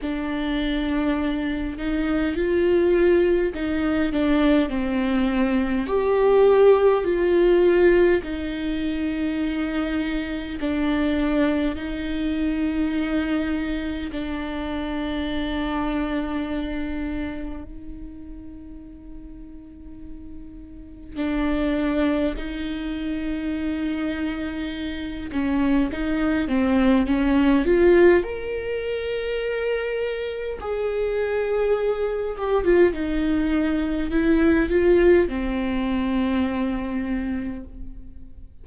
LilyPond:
\new Staff \with { instrumentName = "viola" } { \time 4/4 \tempo 4 = 51 d'4. dis'8 f'4 dis'8 d'8 | c'4 g'4 f'4 dis'4~ | dis'4 d'4 dis'2 | d'2. dis'4~ |
dis'2 d'4 dis'4~ | dis'4. cis'8 dis'8 c'8 cis'8 f'8 | ais'2 gis'4. g'16 f'16 | dis'4 e'8 f'8 c'2 | }